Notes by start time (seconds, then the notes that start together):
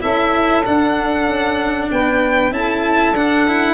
0.00 C#4 E4 A4 E5
0.65 D4 F#5
1.26 C#4
1.90 B3 B4 G5
2.50 C#4 E4 A4 A5
3.12 D4 F#5
3.47 E4